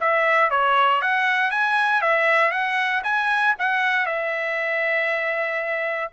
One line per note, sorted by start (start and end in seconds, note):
0.00 0.50 E5
0.50 1.01 C#5
1.01 1.51 F#5
1.51 2.01 G#5
2.01 2.51 E5
2.51 3.02 F#5
3.03 3.55 G#5
3.59 4.06 F#5
4.06 6.11 E5